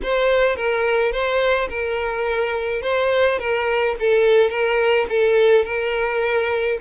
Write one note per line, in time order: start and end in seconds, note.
0.03 0.56 C5
0.56 1.11 A#4
1.11 1.68 C5
1.69 2.82 A#4
2.82 3.38 C5
3.39 3.95 A#4
3.99 4.49 A4
4.49 5.06 A#4
5.09 5.64 A4
5.64 6.78 A#4